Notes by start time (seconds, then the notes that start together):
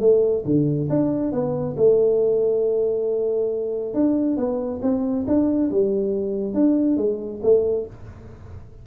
0.00 A3
0.45 D3
0.90 D4
1.32 B3
1.77 A3
3.94 D4
4.37 B3
4.82 C4
5.27 D4
5.71 G3
6.54 D4
6.97 G#3
7.43 A3